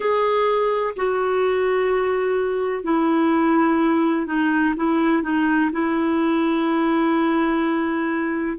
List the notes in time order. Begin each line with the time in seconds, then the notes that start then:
0.00 G#4
0.96 F#4
2.83 E4
4.26 D#4
4.76 E4
5.23 D#4
5.72 E4